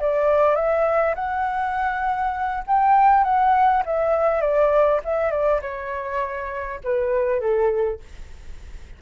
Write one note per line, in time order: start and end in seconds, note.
0.00 0.56 D5
0.56 1.15 E5
1.15 2.64 F#5
2.67 3.24 G5
3.24 3.83 F#5
3.86 4.41 E5
4.41 5.01 D5
5.05 5.31 E5
5.31 5.61 D5
5.62 6.80 C#5
6.84 7.40 B4
7.40 8.00 A4